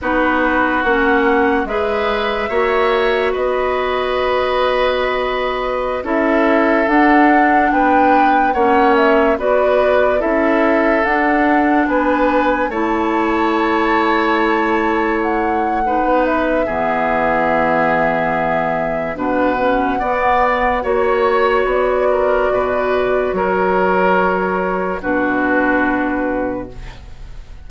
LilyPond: <<
  \new Staff \with { instrumentName = "flute" } { \time 4/4 \tempo 4 = 72 b'4 fis''4 e''2 | dis''2.~ dis''16 e''8.~ | e''16 fis''4 g''4 fis''8 e''8 d''8.~ | d''16 e''4 fis''4 gis''4 a''8.~ |
a''2~ a''16 fis''4~ fis''16 e''8~ | e''2. fis''4~ | fis''4 cis''4 d''2 | cis''2 b'2 | }
  \new Staff \with { instrumentName = "oboe" } { \time 4/4 fis'2 b'4 cis''4 | b'2.~ b'16 a'8.~ | a'4~ a'16 b'4 cis''4 b'8.~ | b'16 a'2 b'4 cis''8.~ |
cis''2. b'4 | gis'2. b'4 | d''4 cis''4. ais'8 b'4 | ais'2 fis'2 | }
  \new Staff \with { instrumentName = "clarinet" } { \time 4/4 dis'4 cis'4 gis'4 fis'4~ | fis'2.~ fis'16 e'8.~ | e'16 d'2 cis'4 fis'8.~ | fis'16 e'4 d'2 e'8.~ |
e'2. dis'4 | b2. d'8 cis'8 | b4 fis'2.~ | fis'2 d'2 | }
  \new Staff \with { instrumentName = "bassoon" } { \time 4/4 b4 ais4 gis4 ais4 | b2.~ b16 cis'8.~ | cis'16 d'4 b4 ais4 b8.~ | b16 cis'4 d'4 b4 a8.~ |
a2.~ a16 b8. | e2. b,4 | b4 ais4 b4 b,4 | fis2 b,2 | }
>>